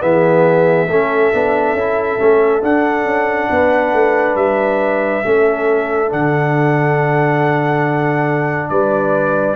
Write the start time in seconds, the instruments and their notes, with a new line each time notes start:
0.00 tuba E3, trombone B3, horn G#4, trumpet E5
0.89 tuba A3, trombone C#4, horn A4
1.33 tuba B3, trombone D4
1.73 tuba C#4, trombone E4
2.19 tuba A3, trombone C#4
2.62 tuba D4, trombone D4, trumpet F#5
3.05 tuba C#4
3.51 tuba B3, horn B4
3.93 tuba A3
4.35 tuba G3, trumpet E5
5.24 tuba A3, trombone C#4, horn A4
6.09 tuba D3, trombone D4, trumpet F#5
8.69 tuba G3, horn B4, trumpet D5